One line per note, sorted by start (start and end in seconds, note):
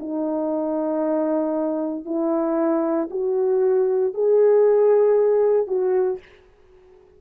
0.00 2.05 D#4
2.05 3.09 E4
3.11 4.14 F#4
4.14 5.68 G#4
5.68 6.19 F#4